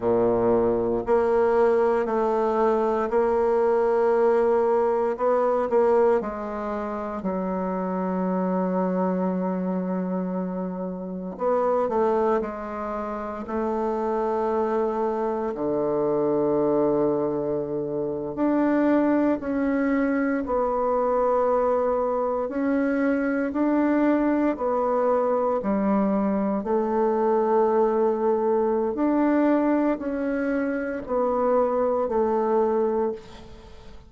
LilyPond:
\new Staff \with { instrumentName = "bassoon" } { \time 4/4 \tempo 4 = 58 ais,4 ais4 a4 ais4~ | ais4 b8 ais8 gis4 fis4~ | fis2. b8 a8 | gis4 a2 d4~ |
d4.~ d16 d'4 cis'4 b16~ | b4.~ b16 cis'4 d'4 b16~ | b8. g4 a2~ a16 | d'4 cis'4 b4 a4 | }